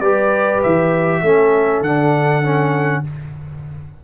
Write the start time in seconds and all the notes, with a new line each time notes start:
0.00 G3 G4 B4 D5
0.63 E3 E5
1.22 A3 C#4 A4
1.81 D3 D4 F#5
2.43 C#4